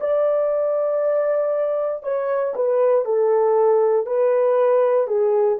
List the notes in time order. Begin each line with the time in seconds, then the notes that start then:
0.00 D5
2.03 C#5
2.55 B4
3.05 A4
4.06 B4
5.07 G#4